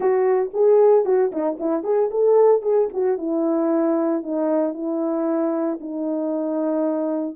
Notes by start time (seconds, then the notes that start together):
0.00 F#4
0.53 G#4
1.05 F#4
1.32 D#4
1.59 E4
1.83 G#4
2.11 A4
2.62 G#4
2.93 F#4
3.17 E4
4.22 D#4
4.73 E4
5.80 D#4